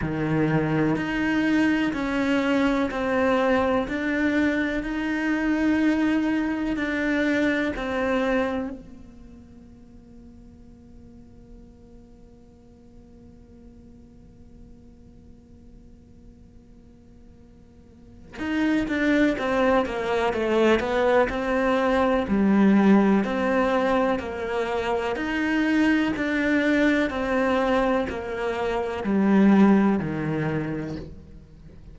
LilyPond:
\new Staff \with { instrumentName = "cello" } { \time 4/4 \tempo 4 = 62 dis4 dis'4 cis'4 c'4 | d'4 dis'2 d'4 | c'4 ais2.~ | ais1~ |
ais2. dis'8 d'8 | c'8 ais8 a8 b8 c'4 g4 | c'4 ais4 dis'4 d'4 | c'4 ais4 g4 dis4 | }